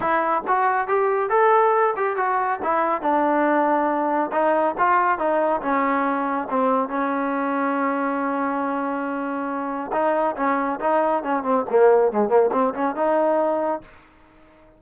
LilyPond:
\new Staff \with { instrumentName = "trombone" } { \time 4/4 \tempo 4 = 139 e'4 fis'4 g'4 a'4~ | a'8 g'8 fis'4 e'4 d'4~ | d'2 dis'4 f'4 | dis'4 cis'2 c'4 |
cis'1~ | cis'2. dis'4 | cis'4 dis'4 cis'8 c'8 ais4 | gis8 ais8 c'8 cis'8 dis'2 | }